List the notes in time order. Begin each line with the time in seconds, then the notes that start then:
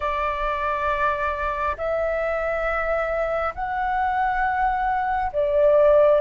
0.00 D5
1.77 E5
3.55 F#5
5.32 D5